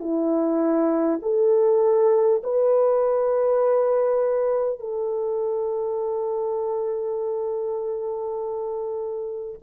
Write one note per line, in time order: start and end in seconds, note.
0.00 1.20 E4
1.22 2.42 A4
2.44 4.79 B4
4.79 9.59 A4